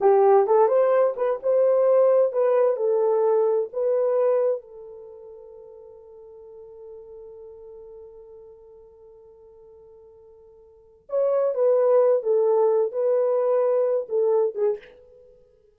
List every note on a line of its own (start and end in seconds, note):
0.01 0.47 G4
0.47 0.68 A4
0.68 1.14 C5
1.16 1.39 B4
1.42 2.32 C5
2.32 2.76 B4
2.76 3.68 A4
3.72 4.61 B4
4.61 11.07 A4
11.09 11.54 C#5
11.54 12.23 B4
12.23 12.91 A4
12.91 14.07 B4
14.08 14.54 A4
14.54 14.78 G#4